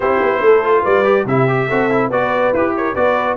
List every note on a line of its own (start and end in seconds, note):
0.00 0.20 C4
0.00 0.63 E4
0.00 0.42 G4
0.00 0.84 C5
0.21 0.40 B3
0.40 0.83 A3
0.40 0.82 A4
0.63 1.04 F4
0.82 1.25 G3
0.82 1.24 B4
0.82 1.26 D5
1.04 1.25 G4
1.25 1.68 C3
1.25 1.48 E4
1.25 1.68 G4
1.25 2.11 E5
1.48 1.69 G4
1.68 2.10 C4
1.68 1.89 F#4
1.68 2.09 A4
1.89 2.11 E4
2.09 2.52 B3
2.09 2.54 F#4
2.09 2.73 B4
2.09 2.53 D5
2.52 2.94 E4
2.52 2.95 G4
2.52 2.75 B4
2.76 2.94 A#4
2.76 2.95 C#5
2.94 3.37 B3
2.94 3.37 F#4
2.94 3.36 B4
2.94 3.37 D5